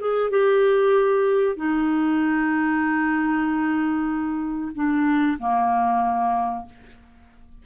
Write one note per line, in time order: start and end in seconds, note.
0.00 0.30 G#4
0.30 1.56 G4
1.56 4.72 D#4
4.75 5.38 D4
5.39 6.65 A#3